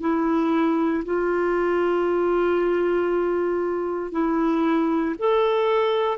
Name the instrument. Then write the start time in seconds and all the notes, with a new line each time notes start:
clarinet
0.00 E4
1.05 F4
4.11 E4
5.19 A4